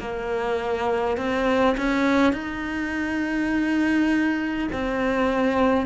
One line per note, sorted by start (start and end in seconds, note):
0.00 1.17 A#3
1.17 1.76 C4
1.77 2.33 C#4
2.33 4.68 D#4
4.72 5.86 C4